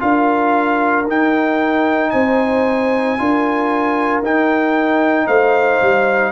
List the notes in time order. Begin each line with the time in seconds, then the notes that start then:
0.00 D4 F4 A#4 F5
1.08 D#4 G5
2.11 C4 C5 G#5
3.18 D4 F4 A#4
4.22 D#4 G5
5.27 A3 C5 F5
5.82 G3